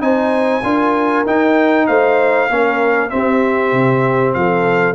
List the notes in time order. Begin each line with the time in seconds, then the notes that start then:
0.00 C4 D#4 C5 G#5
0.63 D4 F4 A#4
1.26 D#4 G5
1.87 A3 C5 F5
2.49 A#3 C#4 A#4
3.10 C4 G4 E5
3.73 C3
4.34 F3 A4 F5